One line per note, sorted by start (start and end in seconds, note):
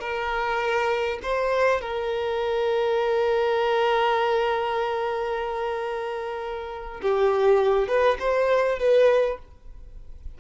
0.00 1.19 A#4
1.22 1.81 C5
1.81 7.01 A#4
7.02 7.88 G4
7.88 8.17 B4
8.20 8.79 C5
8.79 9.38 B4